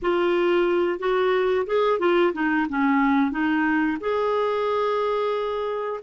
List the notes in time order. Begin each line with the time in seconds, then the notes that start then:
0.02 F4
0.99 F#4
1.66 G#4
1.99 F4
2.33 D#4
2.69 C#4
3.31 D#4
4.00 G#4